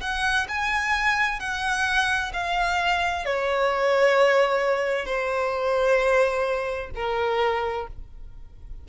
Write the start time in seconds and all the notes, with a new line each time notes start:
0.00 F#5
0.48 G#5
1.39 F#5
2.33 F5
3.25 C#5
5.05 C5
6.95 A#4